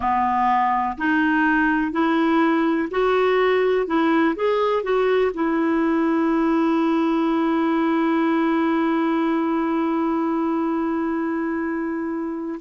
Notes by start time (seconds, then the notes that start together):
0.00 B3
0.97 D#4
1.92 E4
2.90 F#4
3.87 E4
4.35 G#4
4.83 F#4
5.34 E4